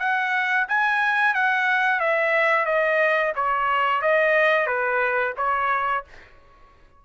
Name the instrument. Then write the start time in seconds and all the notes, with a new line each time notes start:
trumpet
0.00 F#5
0.69 G#5
1.35 F#5
2.00 E5
2.66 D#5
3.36 C#5
4.02 D#5
4.67 B4
5.37 C#5